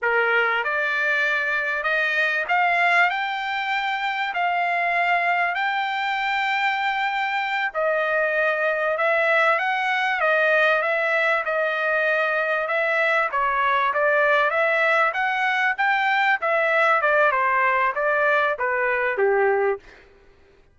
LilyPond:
\new Staff \with { instrumentName = "trumpet" } { \time 4/4 \tempo 4 = 97 ais'4 d''2 dis''4 | f''4 g''2 f''4~ | f''4 g''2.~ | g''8 dis''2 e''4 fis''8~ |
fis''8 dis''4 e''4 dis''4.~ | dis''8 e''4 cis''4 d''4 e''8~ | e''8 fis''4 g''4 e''4 d''8 | c''4 d''4 b'4 g'4 | }